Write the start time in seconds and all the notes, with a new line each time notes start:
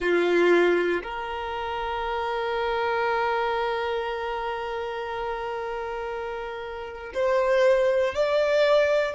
0.00 F4
1.02 A#4
7.14 C5
8.14 D5